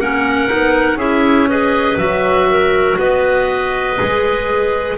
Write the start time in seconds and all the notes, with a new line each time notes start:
0.00 A#3 C#4 A#4 F#5
0.48 B3 D#4
0.96 C#4 E4 G#4 E5
1.49 G#4 B4 D#5
1.98 F#3 F#4 E5
2.50 A#4
2.98 B3 B4 D#5
3.98 G#3 G#4